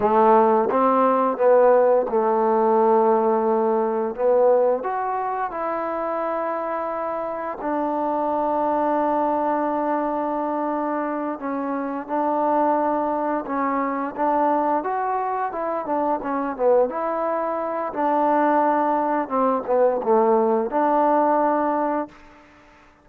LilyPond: \new Staff \with { instrumentName = "trombone" } { \time 4/4 \tempo 4 = 87 a4 c'4 b4 a4~ | a2 b4 fis'4 | e'2. d'4~ | d'1~ |
d'8 cis'4 d'2 cis'8~ | cis'8 d'4 fis'4 e'8 d'8 cis'8 | b8 e'4. d'2 | c'8 b8 a4 d'2 | }